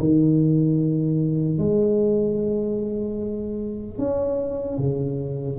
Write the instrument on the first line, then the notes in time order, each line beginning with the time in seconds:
tuba
0.00 D#3
1.59 G#3
3.99 C#4
4.78 C#3